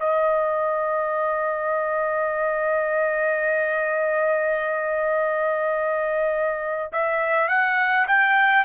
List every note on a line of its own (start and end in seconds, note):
0.00 6.92 D#5
6.93 7.49 E5
7.49 8.07 F#5
8.08 8.65 G5